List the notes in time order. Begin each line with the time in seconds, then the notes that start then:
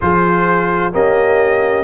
0.01 F3 F4 G#4 C5
0.92 A#3 C#4 G4 D#5